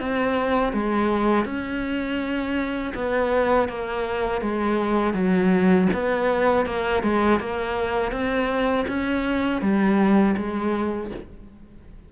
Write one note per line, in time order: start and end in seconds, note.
0.00 0.73 C4
0.73 1.45 G#3
1.45 2.93 C#4
2.95 3.68 B3
3.68 4.41 A#3
4.41 5.14 G#3
5.14 5.88 F#3
5.93 6.66 B3
6.66 7.03 A#3
7.03 7.40 G#3
7.40 8.11 A#3
8.11 8.86 C4
8.88 9.62 C#4
9.62 10.36 G3
10.37 11.11 G#3